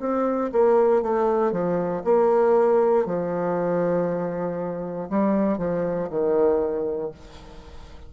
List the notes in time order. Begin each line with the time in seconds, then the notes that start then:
0.00 C4
0.53 A#3
1.03 A3
1.52 F3
2.04 A#3
3.06 F3
5.10 G3
5.58 F3
6.10 D#3